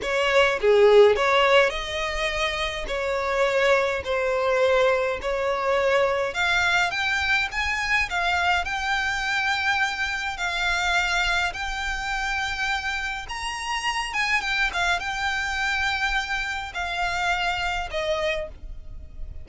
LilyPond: \new Staff \with { instrumentName = "violin" } { \time 4/4 \tempo 4 = 104 cis''4 gis'4 cis''4 dis''4~ | dis''4 cis''2 c''4~ | c''4 cis''2 f''4 | g''4 gis''4 f''4 g''4~ |
g''2 f''2 | g''2. ais''4~ | ais''8 gis''8 g''8 f''8 g''2~ | g''4 f''2 dis''4 | }